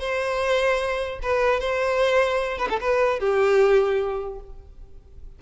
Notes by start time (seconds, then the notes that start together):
0.00 C5
1.23 B4
1.60 C5
2.59 B4
2.70 A4
2.81 B4
3.20 G4